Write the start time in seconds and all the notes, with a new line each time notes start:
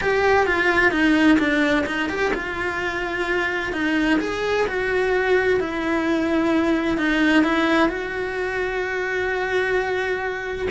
0.01 G4
0.46 F4
0.91 D#4
1.38 D4
1.86 D#4
2.09 G4
2.33 F4
3.73 D#4
4.20 G#4
4.67 F#4
5.60 E4
6.97 D#4
7.43 E4
7.88 F#4